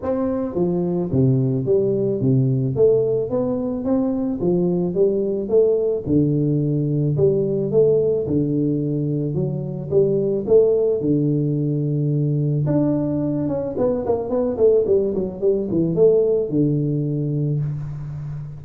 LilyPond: \new Staff \with { instrumentName = "tuba" } { \time 4/4 \tempo 4 = 109 c'4 f4 c4 g4 | c4 a4 b4 c'4 | f4 g4 a4 d4~ | d4 g4 a4 d4~ |
d4 fis4 g4 a4 | d2. d'4~ | d'8 cis'8 b8 ais8 b8 a8 g8 fis8 | g8 e8 a4 d2 | }